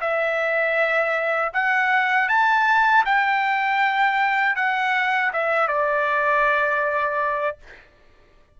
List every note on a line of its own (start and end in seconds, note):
0.00 1.52 E5
1.53 2.29 F#5
2.29 3.04 A5
3.05 4.56 G5
4.56 5.32 F#5
5.33 5.68 E5
5.68 7.57 D5